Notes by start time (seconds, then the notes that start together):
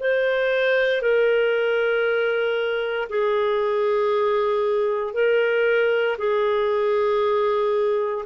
0.00 C5
1.01 A#4
3.09 G#4
5.13 A#4
6.18 G#4